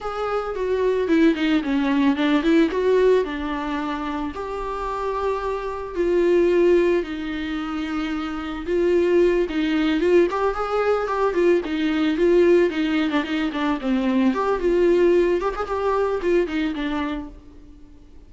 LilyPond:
\new Staff \with { instrumentName = "viola" } { \time 4/4 \tempo 4 = 111 gis'4 fis'4 e'8 dis'8 cis'4 | d'8 e'8 fis'4 d'2 | g'2. f'4~ | f'4 dis'2. |
f'4. dis'4 f'8 g'8 gis'8~ | gis'8 g'8 f'8 dis'4 f'4 dis'8~ | dis'16 d'16 dis'8 d'8 c'4 g'8 f'4~ | f'8 g'16 gis'16 g'4 f'8 dis'8 d'4 | }